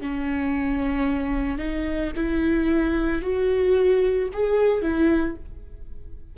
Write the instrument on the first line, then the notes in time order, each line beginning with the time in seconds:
viola
0.00 C#4
1.58 D#4
2.16 E4
3.21 F#4
4.33 G#4
4.82 E4